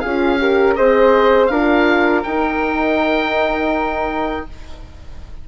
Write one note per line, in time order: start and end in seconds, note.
0.00 0.78 C#4
0.00 0.39 F4
0.00 0.38 G#4
0.00 0.74 F5
0.39 0.76 G4
0.39 0.77 A#4
0.75 1.49 C4
0.75 1.50 G#4
0.75 1.51 C5
0.75 1.47 D#5
1.47 2.23 D4
1.47 2.25 F4
1.47 4.47 A#4
1.47 2.21 F5
2.24 4.48 D#4
2.24 4.46 G5